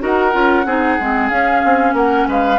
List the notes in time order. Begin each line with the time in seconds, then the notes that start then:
0.00 D#4 F#4 A#4 F#5
0.33 C#4 F4
0.66 C4 D#4 G#4
1.00 G#3 C4
1.30 C#4 F5
1.65 C4
1.94 A#3 A#4 F#5
2.28 G#3 B4 F5